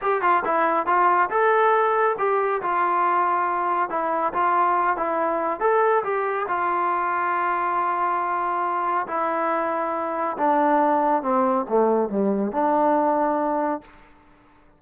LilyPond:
\new Staff \with { instrumentName = "trombone" } { \time 4/4 \tempo 4 = 139 g'8 f'8 e'4 f'4 a'4~ | a'4 g'4 f'2~ | f'4 e'4 f'4. e'8~ | e'4 a'4 g'4 f'4~ |
f'1~ | f'4 e'2. | d'2 c'4 a4 | g4 d'2. | }